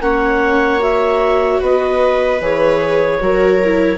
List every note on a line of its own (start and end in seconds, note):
0.00 1.60 A#3
0.00 0.79 C#4
0.00 1.61 C#5
0.00 0.81 F#5
0.79 2.39 F#4
0.79 1.62 E5
1.61 2.41 B3
1.61 3.21 B4
1.61 2.42 D#5
2.41 3.21 E3
2.41 3.21 G#4
2.41 3.98 C#5
3.21 3.98 F#3
3.21 3.61 F#4
3.21 3.98 A#4
3.64 3.98 E4